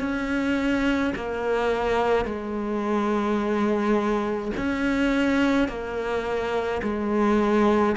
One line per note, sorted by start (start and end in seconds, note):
0.00 1.13 C#4
1.15 2.25 A#3
2.25 4.51 G#3
4.57 5.69 C#4
5.69 6.82 A#3
6.83 7.96 G#3